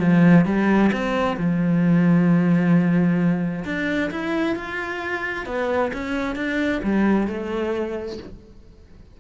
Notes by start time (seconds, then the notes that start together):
0.00 F3
0.46 G3
0.93 C4
1.37 F3
3.65 D4
4.11 E4
4.56 F4
5.47 B3
5.94 C#4
6.36 D4
6.84 G3
7.27 A3